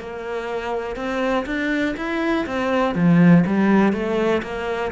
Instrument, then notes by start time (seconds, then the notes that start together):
cello
0.00 A#3
0.96 C4
1.46 D4
1.97 E4
2.46 C4
2.95 F3
3.46 G3
3.93 A3
4.43 A#3